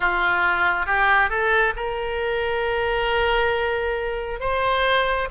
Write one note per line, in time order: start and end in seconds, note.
0.00 0.85 F4
0.85 1.29 G4
1.29 1.73 A4
1.76 4.40 A#4
4.40 5.28 C5